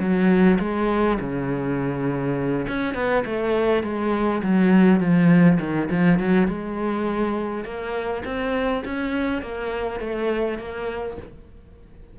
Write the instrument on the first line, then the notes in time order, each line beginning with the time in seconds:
cello
0.00 F#3
0.60 G#3
1.20 C#3
2.68 C#4
2.95 B3
3.26 A3
3.83 G#3
4.43 F#3
5.00 F3
5.60 D#3
5.91 F3
6.20 F#3
6.48 G#3
7.65 A#3
8.25 C4
8.85 C#4
9.42 A#3
10.00 A3
10.59 A#3